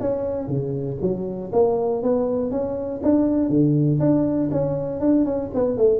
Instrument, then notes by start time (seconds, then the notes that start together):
tuba
0.00 C#4
0.47 C#3
1.01 F#3
1.52 A#3
2.02 B3
2.51 C#4
3.03 D4
3.49 D3
4.00 D4
4.51 C#4
5.00 D4
5.25 C#4
5.54 B3
5.77 A3